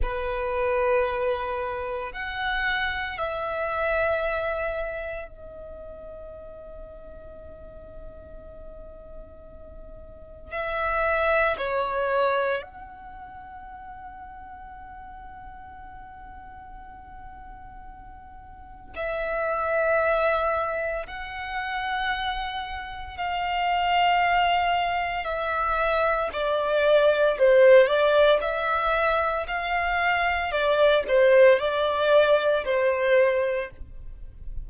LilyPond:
\new Staff \with { instrumentName = "violin" } { \time 4/4 \tempo 4 = 57 b'2 fis''4 e''4~ | e''4 dis''2.~ | dis''2 e''4 cis''4 | fis''1~ |
fis''2 e''2 | fis''2 f''2 | e''4 d''4 c''8 d''8 e''4 | f''4 d''8 c''8 d''4 c''4 | }